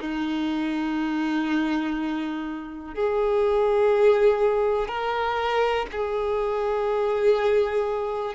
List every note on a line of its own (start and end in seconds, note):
0.00 2.95 D#4
2.95 4.88 G#4
4.88 5.86 A#4
5.92 8.34 G#4